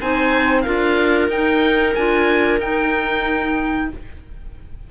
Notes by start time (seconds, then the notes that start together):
0.00 C4 D#4 C5 G#5
0.61 D4 F4 A#4 F5
1.28 D#4 G5
1.94 D4 F4 G#5
2.58 D#4 G5